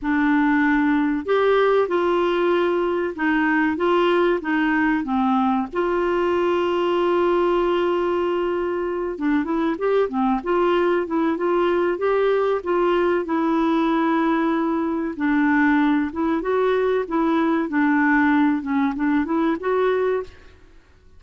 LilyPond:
\new Staff \with { instrumentName = "clarinet" } { \time 4/4 \tempo 4 = 95 d'2 g'4 f'4~ | f'4 dis'4 f'4 dis'4 | c'4 f'2.~ | f'2~ f'8 d'8 e'8 g'8 |
c'8 f'4 e'8 f'4 g'4 | f'4 e'2. | d'4. e'8 fis'4 e'4 | d'4. cis'8 d'8 e'8 fis'4 | }